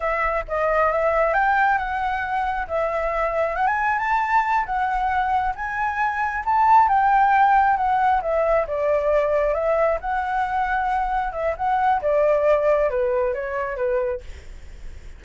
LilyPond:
\new Staff \with { instrumentName = "flute" } { \time 4/4 \tempo 4 = 135 e''4 dis''4 e''4 g''4 | fis''2 e''2 | fis''16 gis''8. a''4. fis''4.~ | fis''8 gis''2 a''4 g''8~ |
g''4. fis''4 e''4 d''8~ | d''4. e''4 fis''4.~ | fis''4. e''8 fis''4 d''4~ | d''4 b'4 cis''4 b'4 | }